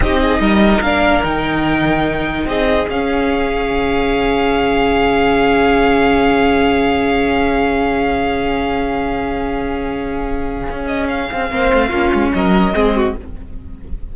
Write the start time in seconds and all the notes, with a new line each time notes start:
0.00 C4 D#4 G4 D#5
0.21 G#4
0.39 G3 A#4
0.81 A#3 D4 F5
1.23 D#3 D#4 G5
2.45 C4 G#4 D#5
2.88 C#4 F5
3.70 C#3
10.69 C#4
10.86 D#5
11.08 F5
11.32 C4
11.49 A#3 C4 C5
11.73 A3
11.88 A#3 C#4 F4
12.12 G#3
12.33 F#3 A#4 D#5
12.73 G#3 C4 G#4
12.95 F#4